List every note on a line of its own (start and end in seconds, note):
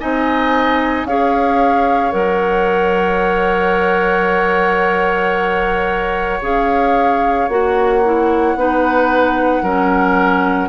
0.00 1.04 C4
0.00 1.07 D#4
0.00 1.07 D#5
0.00 1.07 G#5
1.04 2.12 C#4
1.04 2.12 G#4
1.04 8.58 C#5
1.04 2.12 F5
2.12 6.41 F#3
2.12 6.40 A#4
2.12 6.41 F#5
6.41 7.48 C#4
6.41 7.49 G#4
6.41 7.49 F5
7.49 8.55 A#3
7.49 8.03 F#4
7.49 10.69 F#5
8.05 8.58 E4
8.55 9.62 B3
8.55 9.65 D#4
8.55 9.63 B4
9.62 10.69 F#3
9.62 10.69 C#4
9.62 10.69 A#4